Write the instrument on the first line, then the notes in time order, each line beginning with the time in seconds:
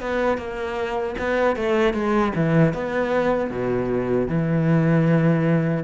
cello
0.00 B3
0.37 A#3
1.18 B3
1.55 A3
1.93 G#3
2.35 E3
2.73 B3
3.50 B2
4.28 E3